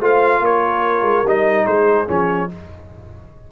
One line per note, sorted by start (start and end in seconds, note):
0.00 0.41 A3
0.00 1.25 F4
0.00 0.41 C5
0.00 0.45 F5
0.41 1.02 A#3
0.41 1.68 A#4
0.41 1.28 C#5
1.02 1.23 G#3
1.24 1.66 G3
1.24 2.07 D#4
1.24 1.66 D#5
1.66 2.08 G#3
1.66 2.51 G#4
1.66 2.08 C5
2.07 2.51 F3
2.07 2.49 C#4
2.07 2.51 C#5